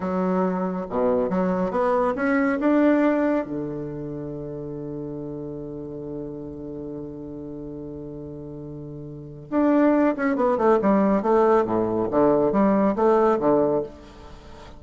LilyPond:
\new Staff \with { instrumentName = "bassoon" } { \time 4/4 \tempo 4 = 139 fis2 b,4 fis4 | b4 cis'4 d'2 | d1~ | d1~ |
d1~ | d2 d'4. cis'8 | b8 a8 g4 a4 a,4 | d4 g4 a4 d4 | }